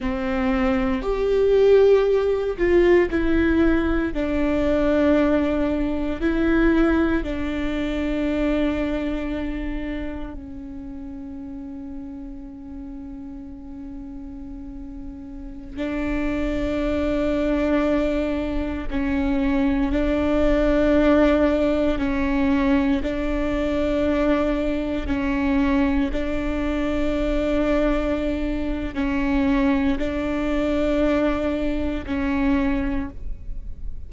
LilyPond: \new Staff \with { instrumentName = "viola" } { \time 4/4 \tempo 4 = 58 c'4 g'4. f'8 e'4 | d'2 e'4 d'4~ | d'2 cis'2~ | cis'2.~ cis'16 d'8.~ |
d'2~ d'16 cis'4 d'8.~ | d'4~ d'16 cis'4 d'4.~ d'16~ | d'16 cis'4 d'2~ d'8. | cis'4 d'2 cis'4 | }